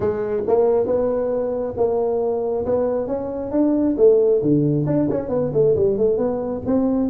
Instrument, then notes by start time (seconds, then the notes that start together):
tuba
0.00 G#3
0.47 A#3
0.86 B3
1.76 A#3
2.65 B3
3.07 C#4
3.51 D4
3.97 A3
4.41 D3
4.86 D4
5.10 C#4
5.29 B3
5.53 A3
5.75 G3
5.97 A3
6.17 B3
6.66 C4